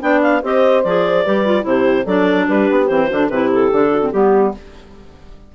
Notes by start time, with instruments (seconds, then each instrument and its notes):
0.00 bassoon B3, clarinet D4 G5, horn D5
0.22 clarinet F5
0.42 bassoon C4, clarinet G4 D#5, horn C5
0.83 bassoon F3, clarinet G#4 D5
1.24 bassoon G3, clarinet G4, horn B4
1.45 clarinet F4
1.61 bassoon C3, clarinet E4 C5
1.68 horn G4
2.04 bassoon F#3, clarinet D4 D5, horn A4
2.48 bassoon G3, horn G4, clarinet B4
2.70 bassoon B3
2.86 bassoon E3, clarinet C4 C5
3.07 bassoon D3, clarinet D4, horn F#4
3.29 bassoon C3, clarinet E4 B4, horn G4
3.52 clarinet A4
3.72 bassoon D3, clarinet D4
3.91 horn F#4
4.01 clarinet C4
4.10 bassoon G3, clarinet B3 G4, horn G4